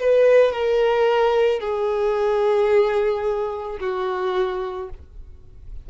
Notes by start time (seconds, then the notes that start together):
0.00 B4
0.53 A#4
1.60 G#4
3.80 F#4